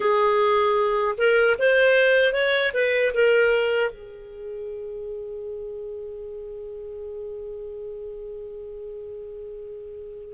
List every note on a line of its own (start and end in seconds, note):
0.00 1.15 G#4
1.17 1.56 A#4
1.58 2.33 C5
2.33 2.72 C#5
2.73 3.12 B4
3.14 3.91 A#4
3.91 10.33 G#4